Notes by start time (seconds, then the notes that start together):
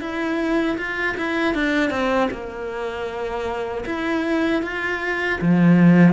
0.00 E4
0.77 F4
1.17 E4
1.54 D4
1.90 C4
2.30 A#3
3.85 E4
4.62 F4
5.41 F3